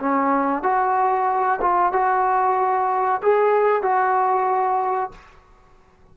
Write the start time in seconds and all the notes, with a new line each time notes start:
0.00 C#4
0.63 F#4
1.62 F4
1.93 F#4
3.23 G#4
3.83 F#4